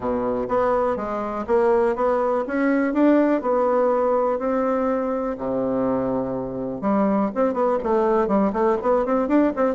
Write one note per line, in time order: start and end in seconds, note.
0.00 0.46 B2
0.48 0.96 B3
0.96 1.45 G#3
1.46 1.95 A#3
1.95 2.44 B3
2.47 2.93 C#4
2.93 3.41 D4
3.41 4.38 B3
4.38 5.36 C4
5.38 6.81 C3
6.81 7.30 G3
7.34 7.53 C4
7.53 7.78 B3
7.83 8.27 A3
8.27 8.52 G3
8.53 8.77 A3
8.82 9.05 B3
9.05 9.27 C4
9.27 9.52 D4
9.55 9.74 C4